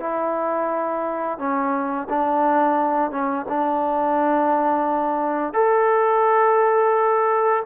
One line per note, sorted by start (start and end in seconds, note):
0.00 1.38 E4
1.38 2.08 C#4
2.10 3.11 D4
3.11 3.46 C#4
3.49 5.54 D4
5.54 7.63 A4